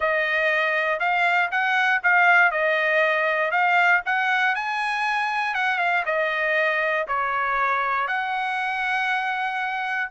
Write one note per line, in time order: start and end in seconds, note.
0.00 0.99 D#5
0.99 1.50 F5
1.51 2.01 F#5
2.03 2.51 F5
2.51 3.51 D#5
3.51 4.01 F5
4.05 4.55 F#5
4.55 5.54 G#5
5.54 5.78 F#5
5.78 6.03 F5
6.05 7.06 D#5
7.07 8.07 C#5
8.07 10.09 F#5